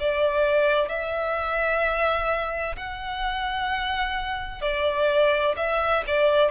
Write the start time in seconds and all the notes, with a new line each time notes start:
0.00 D5
0.89 E5
2.77 F#5
4.62 D5
5.57 E5
6.07 D5